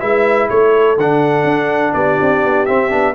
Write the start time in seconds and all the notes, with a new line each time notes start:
0.00 G#3 E4 B4 E5
0.50 A3 A4 C#5
0.98 D3 D4 F#5
1.44 D4
1.94 B3 G4 D5
2.21 C4
2.44 B3
2.66 C4 E5
2.90 B3 D4